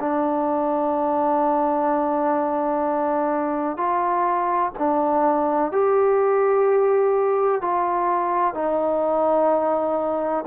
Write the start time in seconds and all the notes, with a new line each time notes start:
0.00 D4
3.77 F4
4.79 D4
5.72 G4
7.61 F4
8.55 D#4